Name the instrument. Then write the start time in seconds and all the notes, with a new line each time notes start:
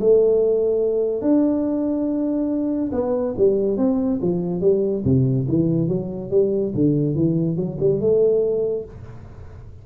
tuba
0.00 A3
1.22 D4
2.92 B3
3.37 G3
3.77 C4
4.22 F3
4.61 G3
5.04 C3
5.48 E3
5.88 F#3
6.31 G3
6.75 D3
7.15 E3
7.56 F#3
7.80 G3
8.00 A3